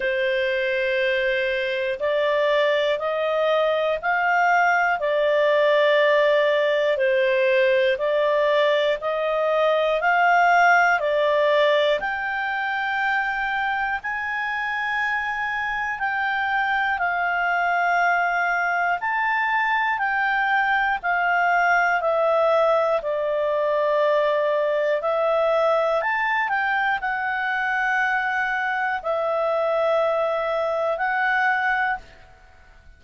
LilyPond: \new Staff \with { instrumentName = "clarinet" } { \time 4/4 \tempo 4 = 60 c''2 d''4 dis''4 | f''4 d''2 c''4 | d''4 dis''4 f''4 d''4 | g''2 gis''2 |
g''4 f''2 a''4 | g''4 f''4 e''4 d''4~ | d''4 e''4 a''8 g''8 fis''4~ | fis''4 e''2 fis''4 | }